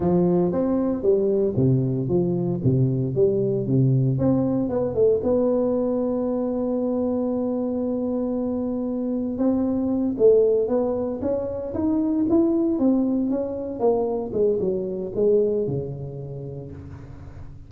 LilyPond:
\new Staff \with { instrumentName = "tuba" } { \time 4/4 \tempo 4 = 115 f4 c'4 g4 c4 | f4 c4 g4 c4 | c'4 b8 a8 b2~ | b1~ |
b2 c'4. a8~ | a8 b4 cis'4 dis'4 e'8~ | e'8 c'4 cis'4 ais4 gis8 | fis4 gis4 cis2 | }